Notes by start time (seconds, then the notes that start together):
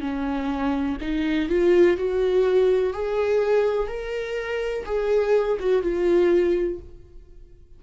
0.00 C#4
1.00 D#4
1.49 F4
1.97 F#4
2.93 G#4
3.87 A#4
4.85 G#4
5.59 F#4
5.82 F4